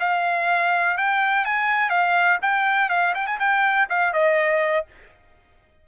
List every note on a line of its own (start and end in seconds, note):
0.00 0.98 F5
0.98 1.45 G5
1.45 1.90 G#5
1.90 2.39 F5
2.42 2.90 G5
2.90 3.14 F5
3.15 3.27 G5
3.27 3.39 G#5
3.40 3.88 G5
3.90 4.13 F5
4.13 4.86 D#5